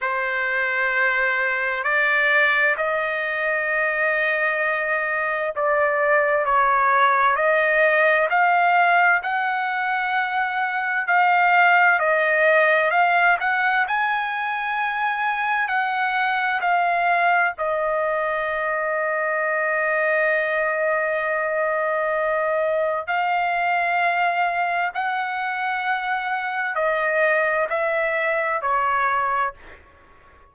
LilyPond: \new Staff \with { instrumentName = "trumpet" } { \time 4/4 \tempo 4 = 65 c''2 d''4 dis''4~ | dis''2 d''4 cis''4 | dis''4 f''4 fis''2 | f''4 dis''4 f''8 fis''8 gis''4~ |
gis''4 fis''4 f''4 dis''4~ | dis''1~ | dis''4 f''2 fis''4~ | fis''4 dis''4 e''4 cis''4 | }